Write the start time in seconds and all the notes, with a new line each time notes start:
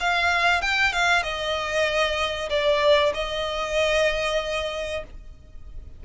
0.00 F5
0.62 G5
0.93 F5
1.23 D#5
2.50 D5
3.14 D#5